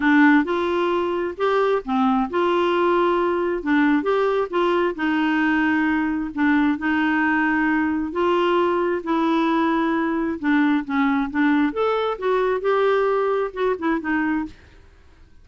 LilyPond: \new Staff \with { instrumentName = "clarinet" } { \time 4/4 \tempo 4 = 133 d'4 f'2 g'4 | c'4 f'2. | d'4 g'4 f'4 dis'4~ | dis'2 d'4 dis'4~ |
dis'2 f'2 | e'2. d'4 | cis'4 d'4 a'4 fis'4 | g'2 fis'8 e'8 dis'4 | }